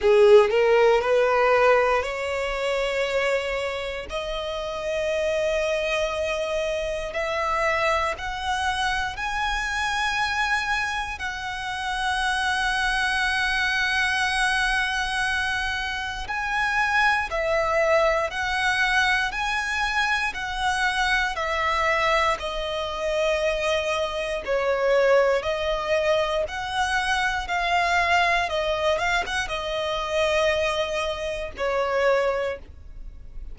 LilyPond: \new Staff \with { instrumentName = "violin" } { \time 4/4 \tempo 4 = 59 gis'8 ais'8 b'4 cis''2 | dis''2. e''4 | fis''4 gis''2 fis''4~ | fis''1 |
gis''4 e''4 fis''4 gis''4 | fis''4 e''4 dis''2 | cis''4 dis''4 fis''4 f''4 | dis''8 f''16 fis''16 dis''2 cis''4 | }